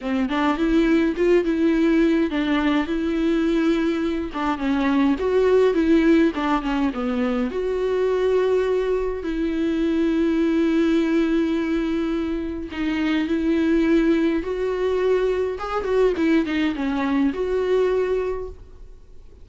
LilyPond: \new Staff \with { instrumentName = "viola" } { \time 4/4 \tempo 4 = 104 c'8 d'8 e'4 f'8 e'4. | d'4 e'2~ e'8 d'8 | cis'4 fis'4 e'4 d'8 cis'8 | b4 fis'2. |
e'1~ | e'2 dis'4 e'4~ | e'4 fis'2 gis'8 fis'8 | e'8 dis'8 cis'4 fis'2 | }